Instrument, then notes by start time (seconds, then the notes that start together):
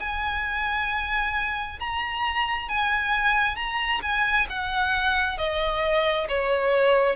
violin
0.00 G#5
1.80 A#5
2.69 G#5
3.56 A#5
4.03 G#5
4.49 F#5
5.38 D#5
6.28 C#5